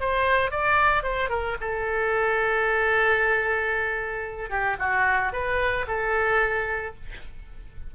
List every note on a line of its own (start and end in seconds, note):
0.00 0.51 C5
0.51 1.03 D5
1.03 1.29 C5
1.29 1.56 A#4
1.60 4.50 A4
4.50 4.76 G4
4.79 5.32 F#4
5.32 5.86 B4
5.87 6.94 A4